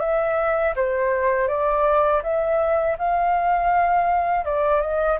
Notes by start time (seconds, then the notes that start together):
0.00 E5
0.76 C5
1.48 D5
2.23 E5
2.98 F5
4.45 D5
4.81 D#5